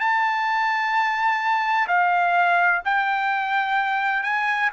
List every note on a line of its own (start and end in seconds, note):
0.00 1.87 A5
1.88 2.82 F5
2.85 4.23 G5
4.23 4.70 G#5